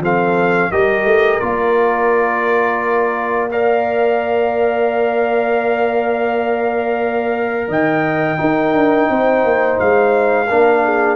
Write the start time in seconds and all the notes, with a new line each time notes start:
0.00 F3 C4 A4 F5
0.71 G3 G4 A#4 D#5
1.05 A3
1.40 A#3 F4 D5
3.50 A#4 D5 F5
7.68 D#3 D#5 G5
8.37 D#4 A#4
8.74 D4
9.10 C4 C5
9.44 A#3
9.80 G#3 F5
10.48 A#3 D4 A#4
10.85 G#4